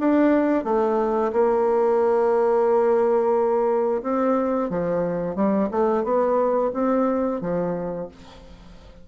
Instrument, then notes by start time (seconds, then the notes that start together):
bassoon
0.00 D4
0.65 A3
1.33 A#3
4.03 C4
4.70 F3
5.36 G3
5.72 A3
6.04 B3
6.74 C4
7.42 F3